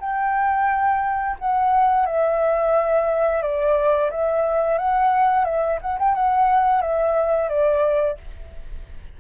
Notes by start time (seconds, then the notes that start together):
0.00 G5
1.39 F#5
2.06 E5
3.42 D5
4.11 E5
4.78 F#5
5.45 E5
5.81 F#5
5.99 G5
6.15 F#5
6.81 E5
7.49 D5